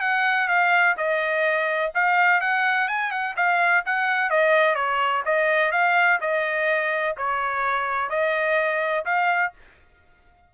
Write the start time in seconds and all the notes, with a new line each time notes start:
0.00 F#5
0.48 F5
0.97 D#5
1.94 F5
2.40 F#5
2.88 G#5
3.11 F#5
3.36 F5
3.85 F#5
4.29 D#5
4.75 C#5
5.25 D#5
5.71 F5
6.20 D#5
7.17 C#5
8.09 D#5
9.05 F5